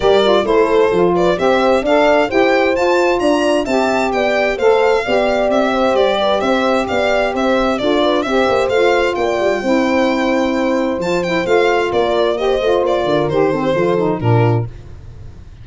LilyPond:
<<
  \new Staff \with { instrumentName = "violin" } { \time 4/4 \tempo 4 = 131 d''4 c''4. d''8 e''4 | f''4 g''4 a''4 ais''4 | a''4 g''4 f''2 | e''4 d''4 e''4 f''4 |
e''4 d''4 e''4 f''4 | g''1 | a''8 g''8 f''4 d''4 dis''4 | d''4 c''2 ais'4 | }
  \new Staff \with { instrumentName = "horn" } { \time 4/4 ais'4 a'4. b'8 c''4 | d''4 c''2 d''4 | e''4 d''4 c''4 d''4~ | d''8 c''4 b'8 c''4 d''4 |
c''4 a'8 b'8 c''2 | d''4 c''2.~ | c''2 ais'4 c''4~ | c''8 ais'4 a'16 g'16 a'4 f'4 | }
  \new Staff \with { instrumentName = "saxophone" } { \time 4/4 g'8 f'8 e'4 f'4 g'4 | a'4 g'4 f'2 | g'2 a'4 g'4~ | g'1~ |
g'4 f'4 g'4 f'4~ | f'4 e'2. | f'8 e'8 f'2 g'8 f'8~ | f'4 g'8 c'8 f'8 dis'8 d'4 | }
  \new Staff \with { instrumentName = "tuba" } { \time 4/4 g4 a4 f4 c'4 | d'4 e'4 f'4 d'4 | c'4 b4 a4 b4 | c'4 g4 c'4 b4 |
c'4 d'4 c'8 ais8 a4 | ais8 g8 c'2. | f4 a4 ais4. a8 | ais8 d8 dis4 f4 ais,4 | }
>>